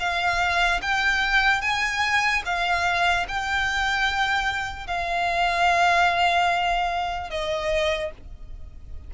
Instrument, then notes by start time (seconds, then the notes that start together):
violin
0.00 F5
0.82 G5
1.62 G#5
2.45 F5
3.28 G5
4.88 F5
7.30 D#5